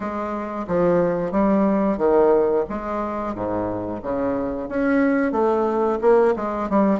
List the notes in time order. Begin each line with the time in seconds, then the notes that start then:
0.00 G#3
0.67 F3
1.31 G3
1.97 D#3
2.69 G#3
3.34 G#2
4.02 C#3
4.68 C#4
5.32 A3
6.01 A#3
6.36 G#3
6.69 G3